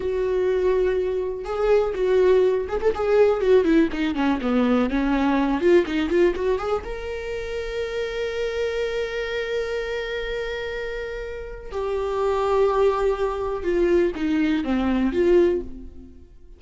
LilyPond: \new Staff \with { instrumentName = "viola" } { \time 4/4 \tempo 4 = 123 fis'2. gis'4 | fis'4. gis'16 a'16 gis'4 fis'8 e'8 | dis'8 cis'8 b4 cis'4. f'8 | dis'8 f'8 fis'8 gis'8 ais'2~ |
ais'1~ | ais'1 | g'1 | f'4 dis'4 c'4 f'4 | }